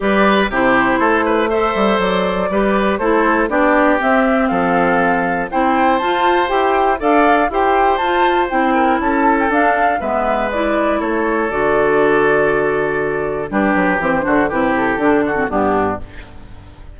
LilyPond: <<
  \new Staff \with { instrumentName = "flute" } { \time 4/4 \tempo 4 = 120 d''4 c''2 e''4 | d''2 c''4 d''4 | e''4 f''2 g''4 | a''4 g''4 f''4 g''4 |
a''4 g''4 a''8. g''16 f''4 | e''4 d''4 cis''4 d''4~ | d''2. b'4 | c''4 b'8 a'4. g'4 | }
  \new Staff \with { instrumentName = "oboe" } { \time 4/4 b'4 g'4 a'8 b'8 c''4~ | c''4 b'4 a'4 g'4~ | g'4 a'2 c''4~ | c''2 d''4 c''4~ |
c''4. ais'8 a'2 | b'2 a'2~ | a'2. g'4~ | g'8 fis'8 g'4. fis'8 d'4 | }
  \new Staff \with { instrumentName = "clarinet" } { \time 4/4 g'4 e'2 a'4~ | a'4 g'4 e'4 d'4 | c'2. e'4 | f'4 g'4 a'4 g'4 |
f'4 e'2 d'4 | b4 e'2 fis'4~ | fis'2. d'4 | c'8 d'8 e'4 d'8. c'16 b4 | }
  \new Staff \with { instrumentName = "bassoon" } { \time 4/4 g4 c4 a4. g8 | fis4 g4 a4 b4 | c'4 f2 c'4 | f'4 e'4 d'4 e'4 |
f'4 c'4 cis'4 d'4 | gis2 a4 d4~ | d2. g8 fis8 | e8 d8 c4 d4 g,4 | }
>>